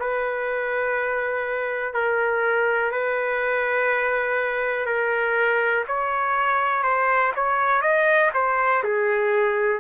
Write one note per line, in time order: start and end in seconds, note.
0.00 1.94 B4
1.94 2.92 A#4
2.92 4.86 B4
4.86 5.85 A#4
5.88 6.84 C#5
6.84 7.33 C5
7.36 7.82 C#5
7.82 8.31 D#5
8.34 8.83 C5
8.84 9.80 G#4